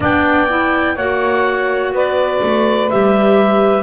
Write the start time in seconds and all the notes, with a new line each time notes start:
0.00 B3 D4 D5 G5
0.48 E4
0.95 A#3 F#4 C#5 F#5
1.92 B3 B4 D5
2.42 A3
2.90 G3 G4 E5